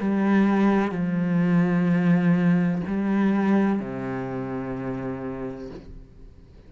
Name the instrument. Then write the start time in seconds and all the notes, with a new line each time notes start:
cello
0.00 G3
0.92 F3
2.87 G3
3.80 C3